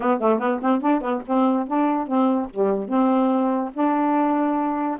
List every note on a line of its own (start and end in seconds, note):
0.00 0.20 B3
0.20 0.39 A3
0.39 0.60 B3
0.61 0.81 C4
0.81 1.01 D4
1.01 1.22 B3
1.26 1.67 C4
1.67 2.07 D4
2.07 2.48 C4
2.49 2.88 G3
2.88 3.71 C4
3.73 4.97 D4